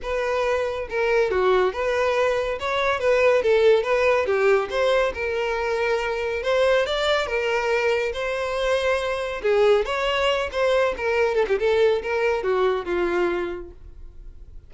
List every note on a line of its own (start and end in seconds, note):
0.02 0.88 B4
0.89 1.30 A#4
1.30 1.73 F#4
1.73 2.58 B4
2.59 2.99 C#5
2.99 3.42 B4
3.42 3.83 A4
3.83 4.26 B4
4.26 4.69 G4
4.70 5.13 C5
5.14 6.42 A#4
6.43 6.86 C5
6.86 7.26 D5
7.26 8.12 A#4
8.13 9.41 C5
9.42 9.85 G#4
9.85 10.49 C#5
10.52 10.95 C5
10.97 11.35 A#4
11.35 11.45 A4
11.48 11.58 G4
11.59 12.02 A4
12.02 12.43 A#4
12.43 12.85 F#4
12.85 13.70 F4